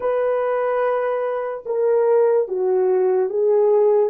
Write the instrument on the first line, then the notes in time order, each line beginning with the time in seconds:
horn
0.00 B4
1.65 A#4
2.48 F#4
3.29 G#4